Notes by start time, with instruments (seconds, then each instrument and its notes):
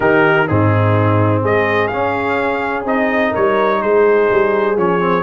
0.00 tuba D#3, trombone D#4, horn G4, trumpet A#4
0.46 tuba G#2, trombone C4, horn D#4, trumpet G#4
1.40 tuba G#3, horn G#4, trumpet D#5
1.87 tuba C#4, trombone C#4, trumpet F5
2.84 tuba C4, trombone D#4, trumpet D#5
3.30 horn A#4, trumpet C#5
3.36 tuba G3
3.82 tuba G#3, horn G#4, trumpet C5
4.30 tuba G3
4.76 tuba F3, trombone C#4, trumpet C#5
4.99 trombone C4